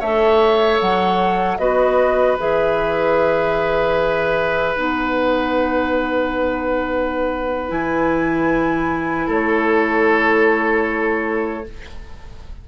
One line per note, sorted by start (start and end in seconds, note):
0.00 0.80 A3
0.00 1.59 A4
0.00 1.58 C#5
0.00 0.80 E5
0.81 1.58 F#3
0.81 1.58 F#5
1.58 2.37 B3
1.58 2.38 F#4
1.58 9.26 B4
1.58 2.37 D#5
2.39 4.75 E3
2.39 4.75 G#4
2.39 4.76 E5
4.75 7.71 B3
4.75 7.69 D#4
4.75 7.71 F#5
7.69 9.28 E3
7.69 11.63 E4
7.69 9.29 G#5
9.26 11.65 A3
9.26 11.63 A4
9.26 11.68 C#5